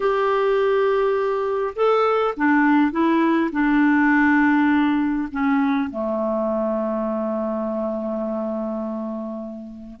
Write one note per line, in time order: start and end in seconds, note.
0.00 1.74 G4
1.75 2.34 A4
2.37 2.91 D4
2.91 3.50 E4
3.52 5.28 D4
5.31 5.90 C#4
5.90 10.00 A3